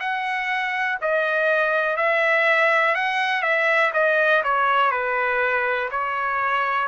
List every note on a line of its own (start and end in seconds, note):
0.00 0.98 F#5
1.01 1.97 D#5
1.97 2.95 E5
2.95 3.42 F#5
3.42 3.92 E5
3.93 4.43 D#5
4.44 4.91 C#5
4.91 5.89 B4
5.91 6.88 C#5